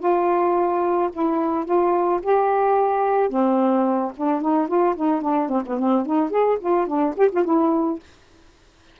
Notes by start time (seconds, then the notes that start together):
0.00 F4
1.13 E4
1.66 F4
2.23 G4
3.30 C4
4.17 D4
4.42 D#4
4.68 F4
4.97 D#4
5.22 D4
5.49 C4
5.67 B3
5.79 C4
6.06 D#4
6.31 G#4
6.60 F4
6.88 D4
7.17 G4
7.32 F4
7.45 E4